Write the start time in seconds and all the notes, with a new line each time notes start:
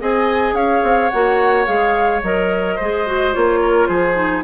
0.00 C4 G#4 D#5 G#5
0.53 C#4 C#5 F5
0.83 C4
1.09 A#3 F#4 F#5
1.65 G#3 G#4 F5
2.22 F#3 A#4 D#5
2.76 G#3 G#4 C5
3.06 F#4
3.33 A#3 F4 C#5
3.61 A#4
3.87 F3 G#4 C5
4.14 D#4